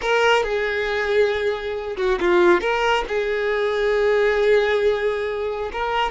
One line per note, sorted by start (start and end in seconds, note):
0.01 0.43 A#4
0.43 1.96 G#4
1.96 2.18 F#4
2.20 2.60 F4
2.60 3.04 A#4
3.08 5.70 G#4
5.72 6.11 A#4